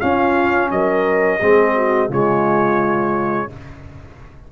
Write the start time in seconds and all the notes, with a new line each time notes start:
0.00 C#4 F4 F5
0.71 F#3 A#4 D#5
1.39 G#3 C4 G#4
1.75 F#4
2.09 C#3 G#3 F4 C#5